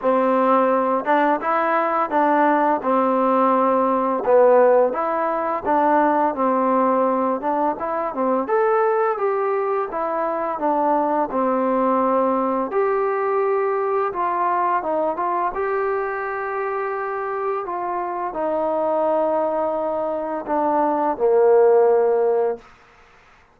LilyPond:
\new Staff \with { instrumentName = "trombone" } { \time 4/4 \tempo 4 = 85 c'4. d'8 e'4 d'4 | c'2 b4 e'4 | d'4 c'4. d'8 e'8 c'8 | a'4 g'4 e'4 d'4 |
c'2 g'2 | f'4 dis'8 f'8 g'2~ | g'4 f'4 dis'2~ | dis'4 d'4 ais2 | }